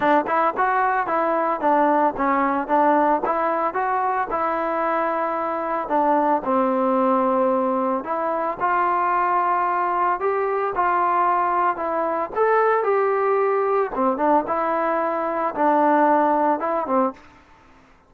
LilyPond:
\new Staff \with { instrumentName = "trombone" } { \time 4/4 \tempo 4 = 112 d'8 e'8 fis'4 e'4 d'4 | cis'4 d'4 e'4 fis'4 | e'2. d'4 | c'2. e'4 |
f'2. g'4 | f'2 e'4 a'4 | g'2 c'8 d'8 e'4~ | e'4 d'2 e'8 c'8 | }